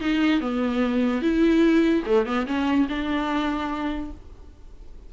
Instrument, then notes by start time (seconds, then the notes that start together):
viola
0.00 D#4
0.40 B3
1.22 E4
2.05 A3
2.25 B3
2.46 C#4
2.88 D4